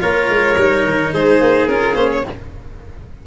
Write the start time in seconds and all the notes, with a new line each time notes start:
0.00 A#3 F4 A#4 C#5
0.29 G#3
0.58 G3 D#4
0.86 D#3
1.14 G#3 G#4 C5
1.41 A#3
1.67 C#4 F4 A#4
1.95 A#3 C#4 C5
2.13 C#5